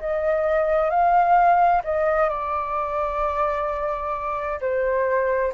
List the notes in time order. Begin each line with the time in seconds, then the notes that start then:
0.00 D#5
0.90 F5
1.84 D#5
2.30 D5
4.61 C5